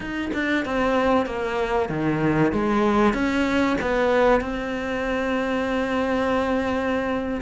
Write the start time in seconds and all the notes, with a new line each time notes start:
0.00 D#4
0.33 D4
0.65 C4
1.26 A#3
1.89 D#3
2.52 G#3
3.13 C#4
3.81 B3
4.40 C4